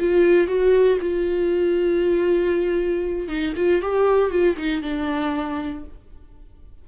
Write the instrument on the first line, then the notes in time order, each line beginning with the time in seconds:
viola
0.00 F4
0.47 F#4
1.01 F4
3.28 D#4
3.56 F4
3.82 G4
4.31 F4
4.57 D#4
4.82 D4